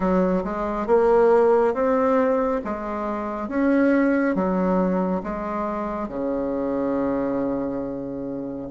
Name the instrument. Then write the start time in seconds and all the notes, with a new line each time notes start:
bassoon
0.00 F#3
0.43 G#3
0.87 A#3
1.74 C4
2.64 G#3
3.48 C#4
4.35 F#3
5.23 G#3
6.08 C#3